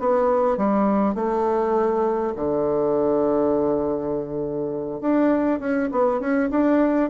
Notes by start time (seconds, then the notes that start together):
0.00 B3
0.58 G3
1.15 A3
2.36 D3
5.01 D4
5.60 C#4
5.92 B3
6.20 C#4
6.51 D4